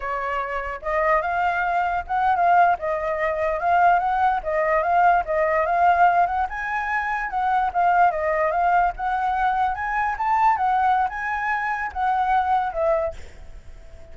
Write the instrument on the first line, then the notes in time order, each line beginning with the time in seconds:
flute
0.00 C#5
0.82 D#5
1.21 F5
2.07 F#5
2.35 F5
2.78 D#5
3.60 F5
3.99 F#5
4.43 D#5
4.82 F5
5.25 D#5
5.65 F5
6.26 F#5
6.49 G#5
7.29 F#5
7.73 F5
8.11 D#5
8.51 F5
8.96 F#5
9.74 G#5
10.17 A5
10.57 F#5
11.09 G#5
11.93 F#5
12.73 E5